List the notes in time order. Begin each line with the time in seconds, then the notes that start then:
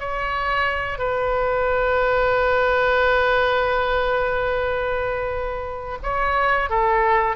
0.00 C#5
0.98 B4
6.03 C#5
6.70 A4